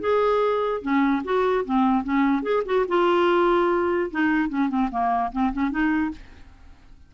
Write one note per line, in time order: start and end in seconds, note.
0.00 0.81 G#4
0.81 1.22 C#4
1.24 1.65 F#4
1.65 2.04 C4
2.04 2.42 C#4
2.42 2.63 G#4
2.65 2.86 F#4
2.88 4.10 F4
4.11 4.49 D#4
4.49 4.69 C#4
4.69 4.89 C4
4.91 5.32 A#3
5.32 5.52 C4
5.53 5.70 C#4
5.70 6.11 D#4